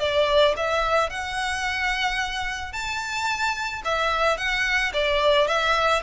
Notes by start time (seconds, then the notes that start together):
0.00 D5
0.57 E5
1.10 F#5
2.73 A5
3.85 E5
4.38 F#5
4.94 D5
5.48 E5